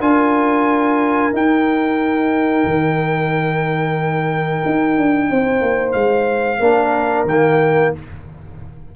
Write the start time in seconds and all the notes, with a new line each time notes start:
0.00 D4 F4 A#4 G#5
1.33 D#4 G5
2.65 D#3
4.66 D#4
4.98 D4
5.31 C4 C5
5.62 A#3
5.92 G#3 F5
6.60 A#3 D4 A#4
7.25 D#3 A#3 G5